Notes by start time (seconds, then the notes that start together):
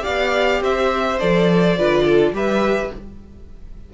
0.00 G4 D5 F5
0.07 B3
0.60 C4 C5 E5
1.19 F3 A4 D5
1.77 D3 F4 B4
2.04 A4
2.32 G3 G4 B4 E5